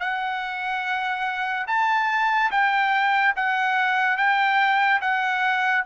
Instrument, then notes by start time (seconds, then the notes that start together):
trumpet
0.00 F#5
1.67 A5
2.51 G5
3.36 F#5
4.17 G5
5.01 F#5